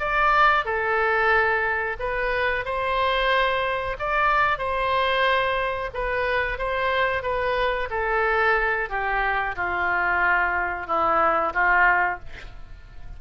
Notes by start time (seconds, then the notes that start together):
0.00 D5
0.65 A4
2.00 B4
2.65 C5
3.99 D5
4.59 C5
5.94 B4
6.59 C5
7.23 B4
7.91 A4
8.90 G4
9.56 F4
10.87 E4
11.54 F4